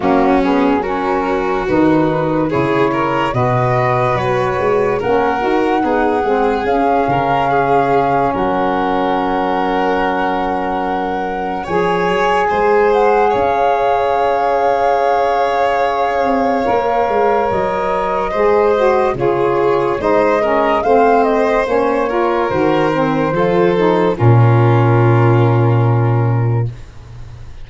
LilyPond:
<<
  \new Staff \with { instrumentName = "flute" } { \time 4/4 \tempo 4 = 72 fis'8 gis'8 ais'4 b'4 cis''4 | dis''4 cis''4 fis''2 | f''2 fis''2~ | fis''2 gis''4. fis''8 |
f''1~ | f''4 dis''2 cis''4 | dis''4 f''8 dis''8 cis''4 c''4~ | c''4 ais'2. | }
  \new Staff \with { instrumentName = "violin" } { \time 4/4 cis'4 fis'2 gis'8 ais'8 | b'2 ais'4 gis'4~ | gis'8 ais'8 gis'4 ais'2~ | ais'2 cis''4 c''4 |
cis''1~ | cis''2 c''4 gis'4 | c''8 ais'8 c''4. ais'4. | a'4 f'2. | }
  \new Staff \with { instrumentName = "saxophone" } { \time 4/4 ais8 b8 cis'4 dis'4 e'4 | fis'2 cis'8 fis'8 dis'8 c'8 | cis'1~ | cis'2 gis'2~ |
gis'1 | ais'2 gis'8 fis'8 f'4 | dis'8 cis'8 c'4 cis'8 f'8 fis'8 c'8 | f'8 dis'8 cis'2. | }
  \new Staff \with { instrumentName = "tuba" } { \time 4/4 fis2 dis4 cis4 | b,4 fis8 gis8 ais8 dis'8 b8 gis8 | cis'8 cis4. fis2~ | fis2 f8 fis8 gis4 |
cis'2.~ cis'8 c'8 | ais8 gis8 fis4 gis4 cis4 | gis4 a4 ais4 dis4 | f4 ais,2. | }
>>